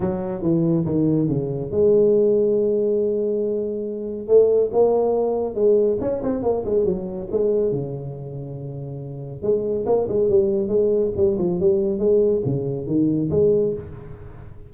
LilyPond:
\new Staff \with { instrumentName = "tuba" } { \time 4/4 \tempo 4 = 140 fis4 e4 dis4 cis4 | gis1~ | gis2 a4 ais4~ | ais4 gis4 cis'8 c'8 ais8 gis8 |
fis4 gis4 cis2~ | cis2 gis4 ais8 gis8 | g4 gis4 g8 f8 g4 | gis4 cis4 dis4 gis4 | }